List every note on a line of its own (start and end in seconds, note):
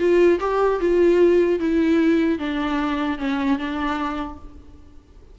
0.00 0.40 F4
0.41 0.81 G4
0.81 1.60 F4
1.60 2.39 E4
2.39 3.19 D4
3.19 3.59 C#4
3.59 4.39 D4